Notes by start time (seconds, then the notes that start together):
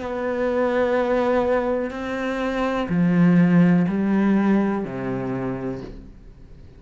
0.00 B3
1.91 C4
2.89 F3
3.88 G3
4.85 C3